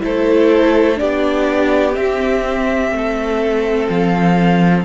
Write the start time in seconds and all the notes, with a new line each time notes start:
0.00 A3 E4 A4 C5
0.96 B3 D4 G4 D5
1.93 C4 E5
2.92 A3 A4
3.90 F3 F5